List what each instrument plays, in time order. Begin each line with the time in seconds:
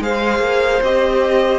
0.00 cello G#3, viola G#4, violin C5 F5
0.40 cello A#3
0.83 cello C4, viola G4, violin D#5